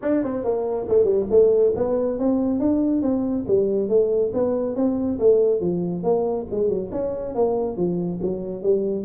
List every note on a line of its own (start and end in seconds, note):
0.02 0.23 D4
0.23 0.44 C4
0.44 0.87 A#3
0.88 1.04 A3
1.04 1.25 G3
1.30 1.73 A3
1.75 2.18 B3
2.18 2.59 C4
2.59 3.02 D4
3.02 3.45 C4
3.47 3.88 G3
3.88 4.32 A3
4.33 4.75 B3
4.75 5.18 C4
5.19 5.60 A3
5.60 6.03 F3
6.03 6.46 A#3
6.51 6.68 G#3
6.68 6.90 F#3
6.91 7.34 C#4
7.34 7.76 A#3
7.76 8.20 F3
8.22 8.62 F#3
8.62 9.05 G3